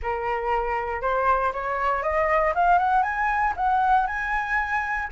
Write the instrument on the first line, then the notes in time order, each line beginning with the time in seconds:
flute
0.02 A#4
1.01 C5
1.53 C#5
2.02 D#5
2.54 F5
2.78 F#5
3.03 G#5
3.56 F#5
4.06 G#5